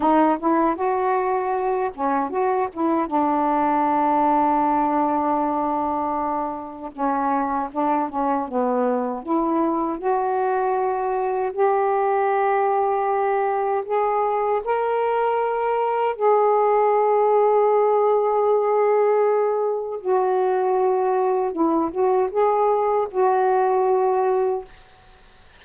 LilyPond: \new Staff \with { instrumentName = "saxophone" } { \time 4/4 \tempo 4 = 78 dis'8 e'8 fis'4. cis'8 fis'8 e'8 | d'1~ | d'4 cis'4 d'8 cis'8 b4 | e'4 fis'2 g'4~ |
g'2 gis'4 ais'4~ | ais'4 gis'2.~ | gis'2 fis'2 | e'8 fis'8 gis'4 fis'2 | }